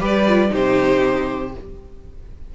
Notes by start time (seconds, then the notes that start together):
0.00 G3 G4 B4 D5
0.28 F4
0.49 C3 D#4 G4 C5